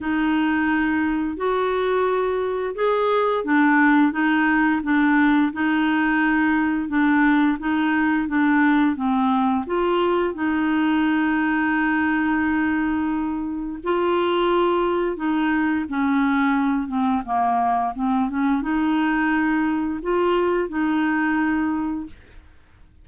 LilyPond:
\new Staff \with { instrumentName = "clarinet" } { \time 4/4 \tempo 4 = 87 dis'2 fis'2 | gis'4 d'4 dis'4 d'4 | dis'2 d'4 dis'4 | d'4 c'4 f'4 dis'4~ |
dis'1 | f'2 dis'4 cis'4~ | cis'8 c'8 ais4 c'8 cis'8 dis'4~ | dis'4 f'4 dis'2 | }